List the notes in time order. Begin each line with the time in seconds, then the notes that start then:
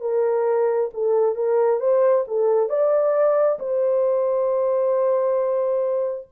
0.00 A#4
0.93 A4
1.35 A#4
1.80 C5
2.27 A4
2.69 D5
3.59 C5